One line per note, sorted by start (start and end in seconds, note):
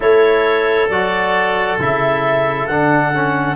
0.00 0.89 A3
0.00 0.88 E4
0.00 3.56 A4
0.00 0.89 C#5
0.89 1.78 F#3
0.89 1.79 F#4
0.89 1.78 D5
1.78 2.67 C#3
1.78 2.69 E4
1.78 2.66 E5
2.66 3.56 D3
2.66 3.14 D4
2.66 3.56 F#5
3.14 3.56 C#4